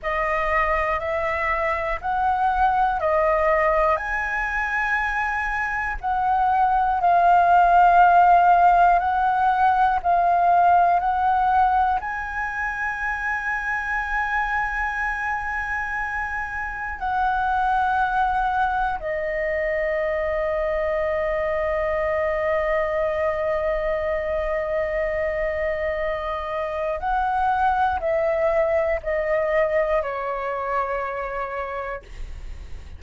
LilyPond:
\new Staff \with { instrumentName = "flute" } { \time 4/4 \tempo 4 = 60 dis''4 e''4 fis''4 dis''4 | gis''2 fis''4 f''4~ | f''4 fis''4 f''4 fis''4 | gis''1~ |
gis''4 fis''2 dis''4~ | dis''1~ | dis''2. fis''4 | e''4 dis''4 cis''2 | }